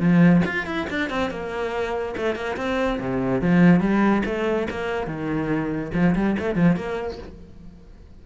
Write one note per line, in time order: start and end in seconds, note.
0.00 0.42 F3
0.46 0.66 F4
0.66 0.87 E4
0.90 1.10 D4
1.10 1.31 C4
1.31 2.15 A#3
2.17 2.35 A3
2.35 2.57 A#3
2.57 2.99 C4
3.00 3.42 C3
3.42 3.80 F3
3.80 4.23 G3
4.26 4.68 A3
4.71 5.07 A#3
5.07 5.92 D#3
5.94 6.15 F3
6.16 6.37 G3
6.40 6.56 A3
6.56 6.76 F3
6.76 7.19 A#3